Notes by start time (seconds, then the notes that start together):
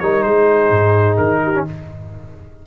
0.00 G3 D#4 A#4 C#5
0.23 G#3 G#4 C5
0.71 G#2
1.18 D#3 A#4
1.44 G4
1.55 C#4